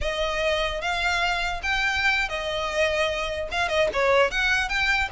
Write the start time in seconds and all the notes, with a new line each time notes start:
0.01 D#5
0.81 F5
1.62 G5
2.28 D#5
3.51 F5
3.68 D#5
3.93 C#5
4.30 F#5
4.68 G5